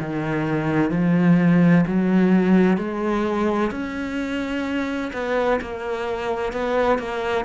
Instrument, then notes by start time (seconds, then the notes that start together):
cello
0.00 D#3
0.91 F3
1.87 F#3
2.78 G#3
3.72 C#4
5.13 B3
5.62 A#3
6.53 B3
6.99 A#3